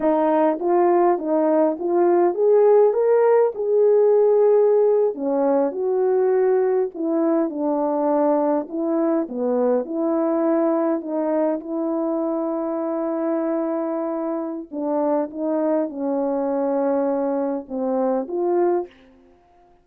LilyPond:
\new Staff \with { instrumentName = "horn" } { \time 4/4 \tempo 4 = 102 dis'4 f'4 dis'4 f'4 | gis'4 ais'4 gis'2~ | gis'8. cis'4 fis'2 e'16~ | e'8. d'2 e'4 b16~ |
b8. e'2 dis'4 e'16~ | e'1~ | e'4 d'4 dis'4 cis'4~ | cis'2 c'4 f'4 | }